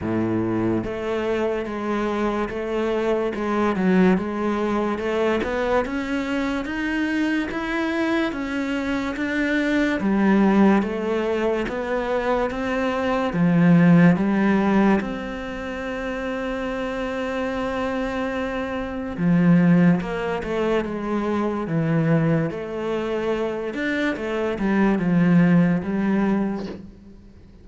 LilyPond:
\new Staff \with { instrumentName = "cello" } { \time 4/4 \tempo 4 = 72 a,4 a4 gis4 a4 | gis8 fis8 gis4 a8 b8 cis'4 | dis'4 e'4 cis'4 d'4 | g4 a4 b4 c'4 |
f4 g4 c'2~ | c'2. f4 | ais8 a8 gis4 e4 a4~ | a8 d'8 a8 g8 f4 g4 | }